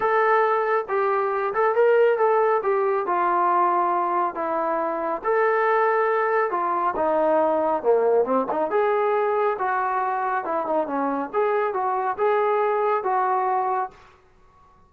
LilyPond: \new Staff \with { instrumentName = "trombone" } { \time 4/4 \tempo 4 = 138 a'2 g'4. a'8 | ais'4 a'4 g'4 f'4~ | f'2 e'2 | a'2. f'4 |
dis'2 ais4 c'8 dis'8 | gis'2 fis'2 | e'8 dis'8 cis'4 gis'4 fis'4 | gis'2 fis'2 | }